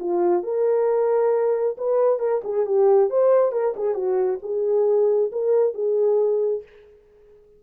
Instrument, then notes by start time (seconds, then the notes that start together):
horn
0.00 F4
0.44 A#4
1.78 B4
2.20 A#4
2.44 G#4
2.66 G4
3.11 C5
3.53 A#4
3.77 G#4
3.95 F#4
4.43 G#4
5.32 A#4
5.74 G#4